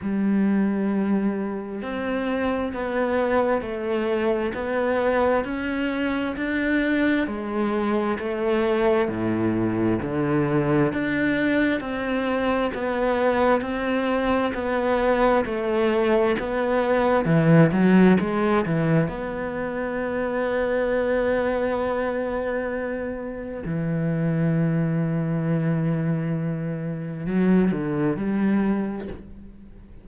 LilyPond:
\new Staff \with { instrumentName = "cello" } { \time 4/4 \tempo 4 = 66 g2 c'4 b4 | a4 b4 cis'4 d'4 | gis4 a4 a,4 d4 | d'4 c'4 b4 c'4 |
b4 a4 b4 e8 fis8 | gis8 e8 b2.~ | b2 e2~ | e2 fis8 d8 g4 | }